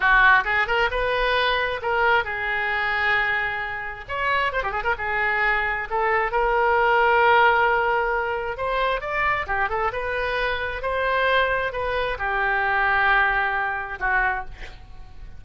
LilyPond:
\new Staff \with { instrumentName = "oboe" } { \time 4/4 \tempo 4 = 133 fis'4 gis'8 ais'8 b'2 | ais'4 gis'2.~ | gis'4 cis''4 c''16 g'16 gis'16 ais'16 gis'4~ | gis'4 a'4 ais'2~ |
ais'2. c''4 | d''4 g'8 a'8 b'2 | c''2 b'4 g'4~ | g'2. fis'4 | }